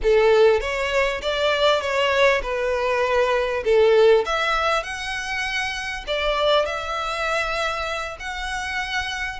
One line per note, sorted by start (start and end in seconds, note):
0.02 0.60 A4
0.60 1.21 C#5
1.21 1.81 D5
1.81 2.41 C#5
2.42 3.63 B4
3.64 4.25 A4
4.25 4.83 E5
4.83 6.04 F#5
6.07 6.65 D5
6.65 8.17 E5
8.19 9.39 F#5